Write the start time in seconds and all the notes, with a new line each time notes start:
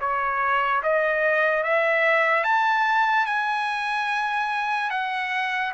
0.00 C#5
0.83 D#5
1.63 E5
2.44 A5
3.26 G#5
4.90 F#5